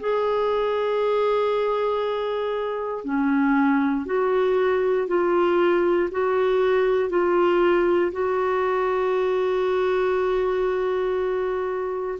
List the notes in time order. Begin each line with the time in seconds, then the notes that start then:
0.00 G#4
3.04 C#4
4.05 F#4
5.07 F4
6.11 F#4
7.10 F4
8.12 F#4